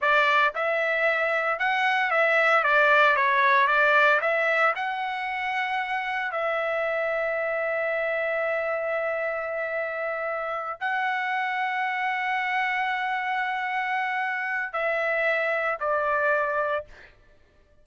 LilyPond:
\new Staff \with { instrumentName = "trumpet" } { \time 4/4 \tempo 4 = 114 d''4 e''2 fis''4 | e''4 d''4 cis''4 d''4 | e''4 fis''2. | e''1~ |
e''1~ | e''8 fis''2.~ fis''8~ | fis''1 | e''2 d''2 | }